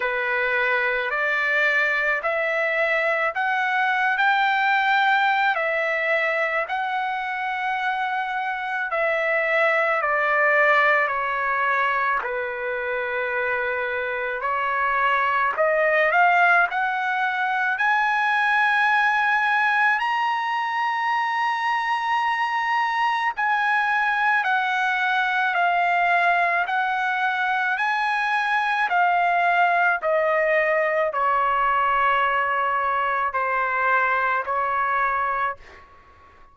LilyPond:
\new Staff \with { instrumentName = "trumpet" } { \time 4/4 \tempo 4 = 54 b'4 d''4 e''4 fis''8. g''16~ | g''4 e''4 fis''2 | e''4 d''4 cis''4 b'4~ | b'4 cis''4 dis''8 f''8 fis''4 |
gis''2 ais''2~ | ais''4 gis''4 fis''4 f''4 | fis''4 gis''4 f''4 dis''4 | cis''2 c''4 cis''4 | }